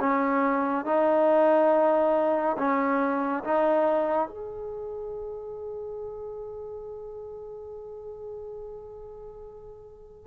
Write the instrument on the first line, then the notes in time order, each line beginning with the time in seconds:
trombone
0.00 C#4
0.85 D#4
2.58 C#4
3.44 D#4
4.29 G#4